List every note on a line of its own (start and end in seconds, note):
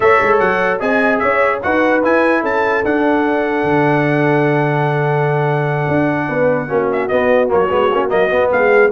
0.00 0.20 A3
0.00 0.80 A4
0.00 0.79 C#5
0.00 0.39 E5
0.21 0.40 G#3
0.39 0.80 F#3
0.39 0.79 F#5
0.79 1.21 C4
0.79 1.61 G#4
0.79 1.20 D#5
0.79 1.18 G#5
1.18 1.63 C#4
1.18 1.62 C#5
1.18 1.59 E5
1.62 2.03 D#4
1.62 2.03 F#4
1.62 2.41 B4
1.62 2.03 F#5
2.03 2.84 E4
2.03 2.43 E4
2.03 2.44 G#5
2.41 2.83 C#4
2.41 6.26 A4
2.41 2.84 A5
2.84 3.63 D4
2.84 6.68 D4
2.84 6.90 F#5
3.63 5.86 D3
5.87 6.28 D4
6.28 6.69 B3
6.28 6.68 B4
6.68 7.09 A#3
6.68 7.08 C#4
6.68 8.50 F#4
6.91 7.08 E5
7.08 7.47 B3
7.08 7.52 B3
7.08 7.48 D#5
7.47 7.71 F#3
7.47 7.68 A#3
7.47 8.09 C#5
7.69 7.92 G#3
7.69 7.89 B3
7.92 8.11 A#3
7.92 8.08 C#4
8.08 8.31 F#3
8.08 8.28 A#3
8.08 8.50 D#5
8.29 8.89 B3
8.29 8.51 B3
8.52 8.91 G#3
8.52 8.91 G#4
8.52 8.91 F5